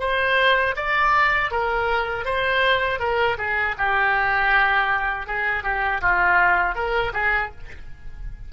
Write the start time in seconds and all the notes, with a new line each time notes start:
0.00 C5
0.76 D5
1.51 A#4
2.25 C5
2.99 A#4
3.38 G#4
3.78 G4
5.26 G#4
5.64 G4
6.01 F4
6.75 A#4
7.13 G#4